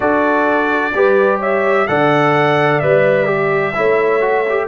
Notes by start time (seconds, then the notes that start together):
0.00 D4 F#4 A4 D5
0.93 G3 G4 B4
1.38 C#5 E5
1.87 D3 A4 D5 F#5
2.79 G3 B4 E5
3.26 G4
3.74 A3 E4 C#5
4.20 F#4
4.49 G4